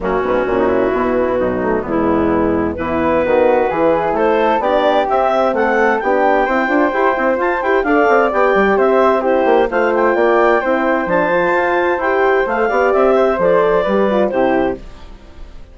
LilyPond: <<
  \new Staff \with { instrumentName = "clarinet" } { \time 4/4 \tempo 4 = 130 fis'1 | e'2 b'2~ | b'4 c''4 d''4 e''4 | fis''4 g''2. |
a''8 g''8 f''4 g''4 e''4 | c''4 f''8 g''2~ g''8 | a''2 g''4 f''4 | e''4 d''2 c''4 | }
  \new Staff \with { instrumentName = "flute" } { \time 4/4 cis'4~ cis'16 dis'16 e'4. dis'4 | b2 e'4 fis'4 | gis'4 a'4 g'2 | a'4 g'4 c''2~ |
c''4 d''2 c''4 | g'4 c''4 d''4 c''4~ | c''2.~ c''8 d''8~ | d''8 c''4. b'4 g'4 | }
  \new Staff \with { instrumentName = "horn" } { \time 4/4 ais8 b8 cis'4 b4. a8 | gis2 b2 | e'2 d'4 c'4~ | c'4 d'4 e'8 f'8 g'8 e'8 |
f'8 g'8 a'4 g'2 | e'4 f'2 e'4 | d'8 f'4. g'4 a'8 g'8~ | g'4 a'4 g'8 f'8 e'4 | }
  \new Staff \with { instrumentName = "bassoon" } { \time 4/4 fis,8 gis,8 ais,4 b,4 b,,4 | e,2 e4 dis4 | e4 a4 b4 c'4 | a4 b4 c'8 d'8 e'8 c'8 |
f'8 e'8 d'8 c'8 b8 g8 c'4~ | c'8 ais8 a4 ais4 c'4 | f4 f'4 e'4 a8 b8 | c'4 f4 g4 c4 | }
>>